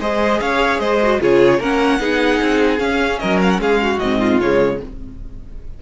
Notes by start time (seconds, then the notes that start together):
0.00 G#3 G#4 C5 D#5
0.41 C#4 C#5 F5
0.79 G#3 C5 D#5
1.03 F#4
1.20 C#3 F4 G#4 C#5
1.59 A#3 C#4 A#4 F#5
2.00 B3 D#4 G#4
2.41 C4
2.78 C#4 F5
3.19 F#3 A#4 D#5
3.42 F5
3.50 F#5
3.59 G#3 G#4 F5
3.83 F#4
3.99 G#2 C4 D#5
4.20 F4
4.40 C#3 G#3 C#5